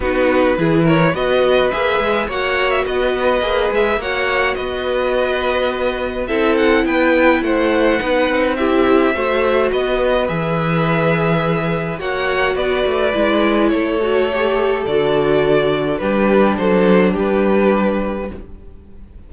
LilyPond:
<<
  \new Staff \with { instrumentName = "violin" } { \time 4/4 \tempo 4 = 105 b'4. cis''8 dis''4 e''4 | fis''8. e''16 dis''4. e''8 fis''4 | dis''2. e''8 fis''8 | g''4 fis''2 e''4~ |
e''4 dis''4 e''2~ | e''4 fis''4 d''2 | cis''2 d''2 | b'4 c''4 b'2 | }
  \new Staff \with { instrumentName = "violin" } { \time 4/4 fis'4 gis'8 ais'8 b'2 | cis''4 b'2 cis''4 | b'2. a'4 | b'4 c''4 b'4 g'4 |
c''4 b'2.~ | b'4 cis''4 b'2 | a'1 | g'4 a'4 g'2 | }
  \new Staff \with { instrumentName = "viola" } { \time 4/4 dis'4 e'4 fis'4 gis'4 | fis'2 gis'4 fis'4~ | fis'2. e'4~ | e'2 dis'4 e'4 |
fis'2 gis'2~ | gis'4 fis'2 e'4~ | e'8 fis'8 g'4 fis'2 | d'1 | }
  \new Staff \with { instrumentName = "cello" } { \time 4/4 b4 e4 b4 ais8 gis8 | ais4 b4 ais8 gis8 ais4 | b2. c'4 | b4 a4 b8 c'4. |
a4 b4 e2~ | e4 ais4 b8 a8 gis4 | a2 d2 | g4 fis4 g2 | }
>>